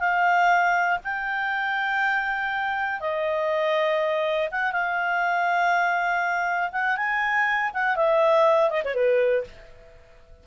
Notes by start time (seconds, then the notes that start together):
0.00 F5
1.05 G5
3.01 D#5
4.51 F#5
4.72 F5
6.72 F#5
6.97 G#5
7.74 F#5
7.96 E5
8.70 D#5
8.85 C#5
8.95 B4